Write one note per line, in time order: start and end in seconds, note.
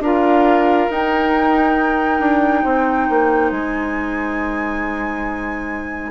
0.00 0.87 D4
0.00 0.90 F4
0.00 2.63 A#4
0.00 0.91 F5
0.90 2.20 D#4
0.90 6.11 D#4
0.90 3.51 G5
2.20 2.63 D4
2.63 3.09 C4
2.63 6.11 C5
3.09 3.51 A#3
3.51 6.11 G#3
3.51 6.11 G#5